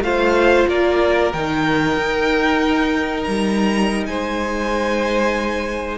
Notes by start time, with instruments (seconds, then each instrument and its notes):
0.00 cello A3, viola F4, violin C5 F5
0.68 cello A#3, violin A#4 D5
1.32 cello D#3, viola D#4, violin G5
1.96 cello D#4
3.23 cello G3, violin A#5
4.06 cello G#3, violin C5 G#5